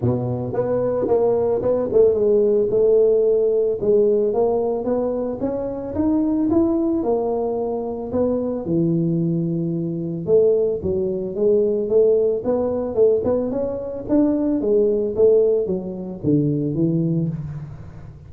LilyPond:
\new Staff \with { instrumentName = "tuba" } { \time 4/4 \tempo 4 = 111 b,4 b4 ais4 b8 a8 | gis4 a2 gis4 | ais4 b4 cis'4 dis'4 | e'4 ais2 b4 |
e2. a4 | fis4 gis4 a4 b4 | a8 b8 cis'4 d'4 gis4 | a4 fis4 d4 e4 | }